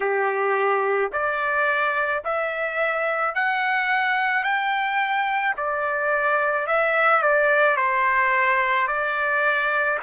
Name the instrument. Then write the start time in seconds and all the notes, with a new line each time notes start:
trumpet
0.00 G4
1.12 D5
2.24 E5
3.34 F#5
4.43 G5
5.56 D5
6.67 E5
7.22 D5
7.76 C5
8.87 D5